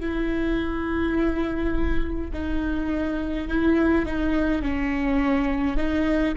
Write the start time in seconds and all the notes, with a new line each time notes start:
0.00 E4
2.33 D#4
3.48 E4
4.06 D#4
4.63 C#4
5.77 D#4